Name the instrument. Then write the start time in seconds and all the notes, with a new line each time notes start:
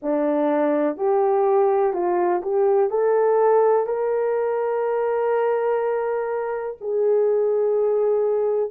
horn
0.02 D4
0.96 G4
1.93 F4
2.42 G4
2.89 A4
3.86 A#4
6.80 G#4